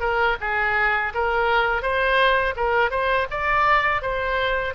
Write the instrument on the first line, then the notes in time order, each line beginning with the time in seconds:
oboe
0.00 A#4
0.40 G#4
1.14 A#4
1.82 C5
2.56 A#4
2.90 C5
3.31 D5
4.02 C5